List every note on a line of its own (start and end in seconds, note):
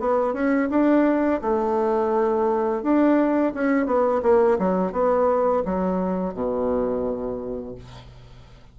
0.00 0.33 B3
0.33 0.69 C#4
0.71 1.41 D4
1.41 2.83 A3
2.83 3.53 D4
3.55 3.86 C#4
3.86 4.22 B3
4.23 4.58 A#3
4.59 4.93 F#3
4.93 5.63 B3
5.65 6.34 F#3
6.34 7.75 B2